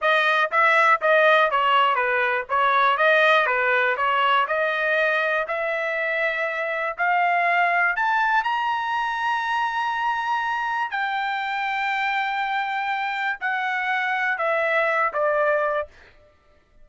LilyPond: \new Staff \with { instrumentName = "trumpet" } { \time 4/4 \tempo 4 = 121 dis''4 e''4 dis''4 cis''4 | b'4 cis''4 dis''4 b'4 | cis''4 dis''2 e''4~ | e''2 f''2 |
a''4 ais''2.~ | ais''2 g''2~ | g''2. fis''4~ | fis''4 e''4. d''4. | }